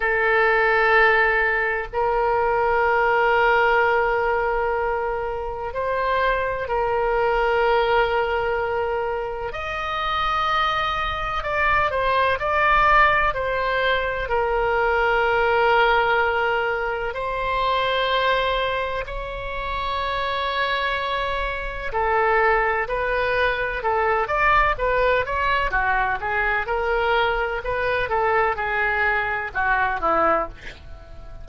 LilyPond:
\new Staff \with { instrumentName = "oboe" } { \time 4/4 \tempo 4 = 63 a'2 ais'2~ | ais'2 c''4 ais'4~ | ais'2 dis''2 | d''8 c''8 d''4 c''4 ais'4~ |
ais'2 c''2 | cis''2. a'4 | b'4 a'8 d''8 b'8 cis''8 fis'8 gis'8 | ais'4 b'8 a'8 gis'4 fis'8 e'8 | }